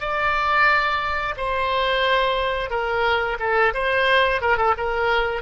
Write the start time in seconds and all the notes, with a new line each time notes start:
0.00 D5
1.37 C5
2.70 A#4
3.39 A4
3.74 C5
4.41 A#4
4.57 A4
4.77 A#4